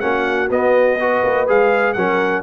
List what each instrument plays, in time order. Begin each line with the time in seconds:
0.00 tuba A#3, trombone C#4, horn F#4, trumpet F#5
0.50 tuba B3, trombone B3, trumpet D#5
0.99 trombone F#4, horn B4
1.24 tuba A#3
1.47 tuba G#3, trombone G#4, trumpet F5
1.93 tuba F#3, trombone C#4, horn A#4, trumpet F#5